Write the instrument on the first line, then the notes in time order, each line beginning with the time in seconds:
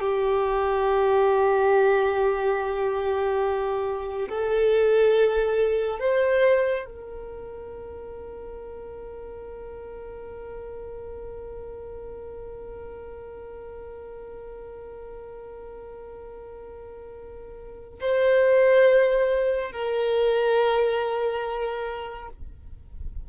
violin
0.00 G4
4.29 A4
6.00 C5
6.86 A#4
18.01 C5
19.72 A#4